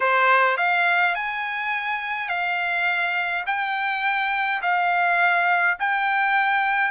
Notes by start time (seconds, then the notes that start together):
0.00 C5
0.57 F5
1.14 G#5
2.28 F5
3.46 G5
4.62 F5
5.79 G5